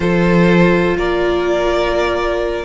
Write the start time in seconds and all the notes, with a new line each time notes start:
0.00 F3 F4 A4 C5
0.97 A#3 A#4 D5